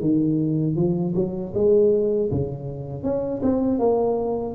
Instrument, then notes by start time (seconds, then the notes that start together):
tuba
0.00 D#3
0.76 F3
1.15 F#3
1.54 G#3
2.31 C#3
3.03 C#4
3.42 C4
3.79 A#3